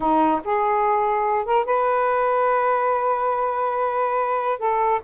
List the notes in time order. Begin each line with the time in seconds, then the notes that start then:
0.00 D#4
0.44 G#4
1.45 A#4
1.65 B4
4.58 A4